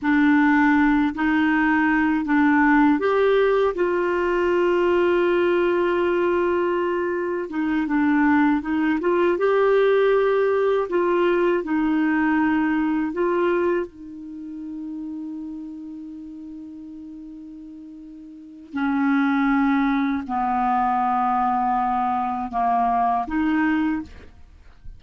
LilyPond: \new Staff \with { instrumentName = "clarinet" } { \time 4/4 \tempo 4 = 80 d'4. dis'4. d'4 | g'4 f'2.~ | f'2 dis'8 d'4 dis'8 | f'8 g'2 f'4 dis'8~ |
dis'4. f'4 dis'4.~ | dis'1~ | dis'4 cis'2 b4~ | b2 ais4 dis'4 | }